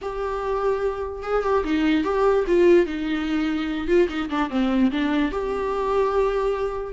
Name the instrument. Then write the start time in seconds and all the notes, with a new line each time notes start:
viola
0.01 G4
1.22 G#4
1.43 G4
1.64 D#4
2.04 G4
2.47 F4
2.86 D#4
3.87 F4
4.09 D#4
4.29 D4
4.49 C4
4.91 D4
5.31 G4